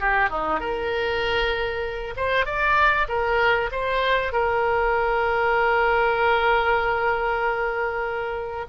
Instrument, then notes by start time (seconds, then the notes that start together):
oboe
0.00 G4
0.30 D#4
0.60 A#4
2.16 C5
2.45 D5
3.08 A#4
3.72 C5
4.32 A#4